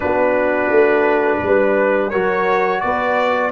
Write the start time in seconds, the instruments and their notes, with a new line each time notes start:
0.00 tuba B3, trombone D4, horn F#4, trumpet B4
0.69 tuba A3
1.42 tuba G3, horn B4
2.10 tuba F#3, trombone F#4, horn A#4, trumpet C#5
2.80 tuba B3, horn B4, trumpet D5